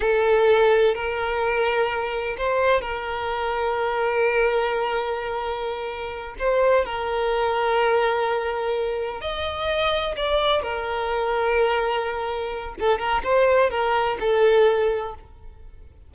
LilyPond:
\new Staff \with { instrumentName = "violin" } { \time 4/4 \tempo 4 = 127 a'2 ais'2~ | ais'4 c''4 ais'2~ | ais'1~ | ais'4. c''4 ais'4.~ |
ais'2.~ ais'8 dis''8~ | dis''4. d''4 ais'4.~ | ais'2. a'8 ais'8 | c''4 ais'4 a'2 | }